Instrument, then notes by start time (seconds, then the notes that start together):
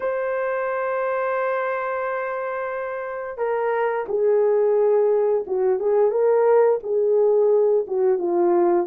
horn
0.00 C5
3.37 A#4
4.08 G#4
5.47 F#4
5.79 G#4
6.11 A#4
6.83 G#4
7.87 F#4
8.18 F4